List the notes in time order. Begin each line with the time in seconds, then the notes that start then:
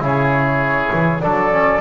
0.00 C#3 E4 G#4 C#5
0.93 E3
1.21 F#3 D4 A4 D5
1.52 C#4